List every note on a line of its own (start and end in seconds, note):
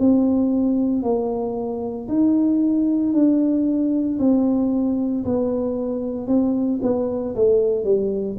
0.00 1.03 C4
1.03 2.08 A#3
2.09 3.13 D#4
3.13 4.19 D4
4.19 5.24 C4
5.25 6.27 B3
6.27 6.80 C4
6.83 7.35 B3
7.36 7.84 A3
7.84 8.37 G3